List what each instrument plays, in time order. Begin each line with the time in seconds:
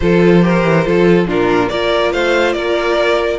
0.00 cello F3, viola F4, violin A4 C5
0.42 viola G4, violin A#4
0.64 cello E3
0.84 cello F3, viola F4, violin A4
1.26 cello A#2, viola D4, violin F4 A#4
1.69 cello A#3, viola F4, violin A#4 D5
2.12 cello A3, violin C5 F5
2.52 cello A#3, violin A#4 D5